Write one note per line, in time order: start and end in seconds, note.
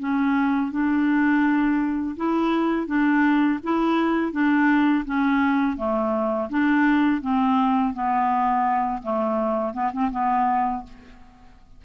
0.00 0.72 C#4
0.72 2.16 D4
2.17 2.87 E4
2.87 3.59 D4
3.63 4.32 E4
4.32 5.05 D4
5.06 5.77 C#4
5.77 6.49 A3
6.50 7.22 D4
7.22 7.94 C4
7.94 9.03 B3
9.03 9.74 A3
9.74 9.92 B3
9.93 10.11 C4
10.12 10.84 B3